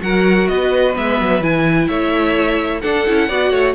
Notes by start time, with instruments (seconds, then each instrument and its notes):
0.00 cello F#3, viola F#4, violin A#4 F#5
0.48 cello B3, violin B4 D#5
0.94 cello G#3, viola B3, violin E5
1.21 cello F#3
1.41 cello E3, viola E4, violin G#5
1.88 cello A3, violin C#5 E5
2.81 viola D4, cello D4, violin A4 F#5
3.07 cello C#4, viola E4
3.28 cello B3, viola F#4, violin D5
3.51 cello A3, violin C#5